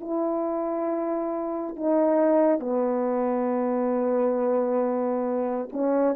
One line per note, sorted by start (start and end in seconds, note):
0.00 1.76 E4
1.76 2.59 D#4
2.59 5.68 B3
5.72 6.15 C#4